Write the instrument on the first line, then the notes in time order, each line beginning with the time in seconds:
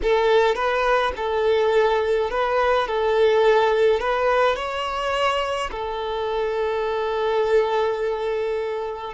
violin
0.02 A4
0.55 B4
1.16 A4
2.30 B4
2.87 A4
4.00 B4
4.56 C#5
5.71 A4